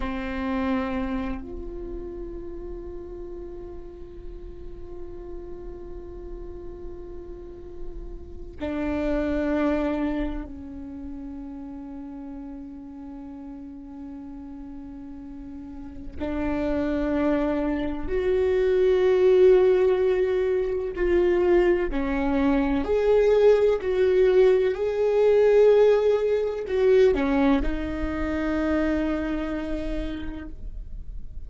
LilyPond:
\new Staff \with { instrumentName = "viola" } { \time 4/4 \tempo 4 = 63 c'4. f'2~ f'8~ | f'1~ | f'4 d'2 cis'4~ | cis'1~ |
cis'4 d'2 fis'4~ | fis'2 f'4 cis'4 | gis'4 fis'4 gis'2 | fis'8 cis'8 dis'2. | }